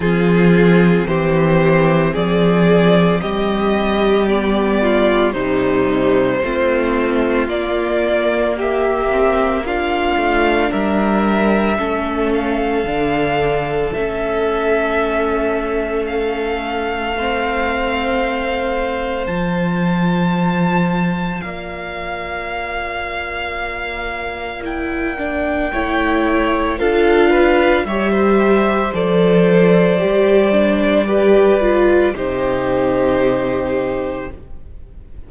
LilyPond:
<<
  \new Staff \with { instrumentName = "violin" } { \time 4/4 \tempo 4 = 56 gis'4 c''4 d''4 dis''4 | d''4 c''2 d''4 | e''4 f''4 e''4. f''8~ | f''4 e''2 f''4~ |
f''2 a''2 | f''2. g''4~ | g''4 f''4 e''4 d''4~ | d''2 c''2 | }
  \new Staff \with { instrumentName = "violin" } { \time 4/4 f'4 g'4 gis'4 g'4~ | g'8 f'8 dis'4 f'2 | g'4 f'4 ais'4 a'4~ | a'1 |
c''1 | d''1 | cis''4 a'8 b'8 cis''16 c''4.~ c''16~ | c''4 b'4 g'2 | }
  \new Staff \with { instrumentName = "viola" } { \time 4/4 c'1 | b4 g4 c'4 ais4~ | ais8 c'8 d'2 cis'4 | d'4 cis'2. |
c'2 f'2~ | f'2. e'8 d'8 | e'4 f'4 g'4 a'4 | g'8 d'8 g'8 f'8 dis'2 | }
  \new Staff \with { instrumentName = "cello" } { \time 4/4 f4 e4 f4 g4~ | g4 c4 a4 ais4~ | ais4. a8 g4 a4 | d4 a2.~ |
a2 f2 | ais1 | a4 d'4 g4 f4 | g2 c2 | }
>>